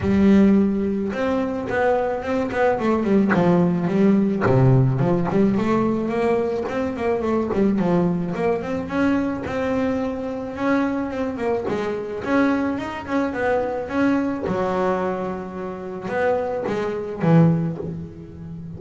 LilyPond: \new Staff \with { instrumentName = "double bass" } { \time 4/4 \tempo 4 = 108 g2 c'4 b4 | c'8 b8 a8 g8 f4 g4 | c4 f8 g8 a4 ais4 | c'8 ais8 a8 g8 f4 ais8 c'8 |
cis'4 c'2 cis'4 | c'8 ais8 gis4 cis'4 dis'8 cis'8 | b4 cis'4 fis2~ | fis4 b4 gis4 e4 | }